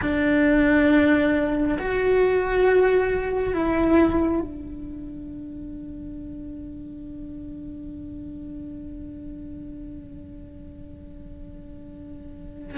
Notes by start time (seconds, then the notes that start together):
0.01 D4
1.78 F#4
3.53 E4
4.40 D4